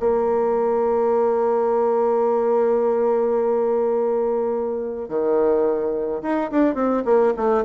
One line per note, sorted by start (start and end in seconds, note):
0.00 5.09 A#3
5.09 6.22 D#3
6.23 6.51 D#4
6.51 6.75 D4
6.75 7.03 C4
7.05 7.34 A#3
7.37 7.65 A3